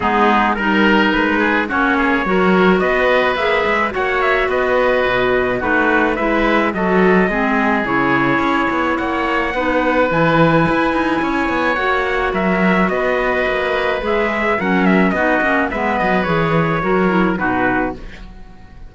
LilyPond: <<
  \new Staff \with { instrumentName = "trumpet" } { \time 4/4 \tempo 4 = 107 gis'4 ais'4 b'4 cis''4~ | cis''4 dis''4 e''4 fis''8 e''8 | dis''2 b'4 e''4 | dis''2 cis''2 |
fis''2 gis''2~ | gis''4 fis''4 e''4 dis''4~ | dis''4 e''4 fis''8 e''8 dis''4 | e''8 dis''8 cis''2 b'4 | }
  \new Staff \with { instrumentName = "oboe" } { \time 4/4 dis'4 ais'4. gis'8 fis'8 gis'8 | ais'4 b'2 cis''4 | b'2 fis'4 b'4 | a'4 gis'2. |
cis''4 b'2. | cis''2 ais'4 b'4~ | b'2 ais'4 fis'4 | b'2 ais'4 fis'4 | }
  \new Staff \with { instrumentName = "clarinet" } { \time 4/4 b4 dis'2 cis'4 | fis'2 gis'4 fis'4~ | fis'2 dis'4 e'4 | fis'4 c'4 e'2~ |
e'4 dis'4 e'2~ | e'4 fis'2.~ | fis'4 gis'4 cis'4 dis'8 cis'8 | b4 gis'4 fis'8 e'8 dis'4 | }
  \new Staff \with { instrumentName = "cello" } { \time 4/4 gis4 g4 gis4 ais4 | fis4 b4 ais8 gis8 ais4 | b4 b,4 a4 gis4 | fis4 gis4 cis4 cis'8 b8 |
ais4 b4 e4 e'8 dis'8 | cis'8 b8 ais4 fis4 b4 | ais4 gis4 fis4 b8 ais8 | gis8 fis8 e4 fis4 b,4 | }
>>